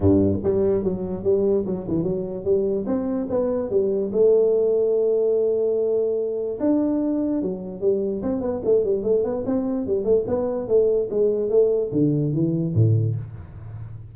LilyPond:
\new Staff \with { instrumentName = "tuba" } { \time 4/4 \tempo 4 = 146 g,4 g4 fis4 g4 | fis8 e8 fis4 g4 c'4 | b4 g4 a2~ | a1 |
d'2 fis4 g4 | c'8 b8 a8 g8 a8 b8 c'4 | g8 a8 b4 a4 gis4 | a4 d4 e4 a,4 | }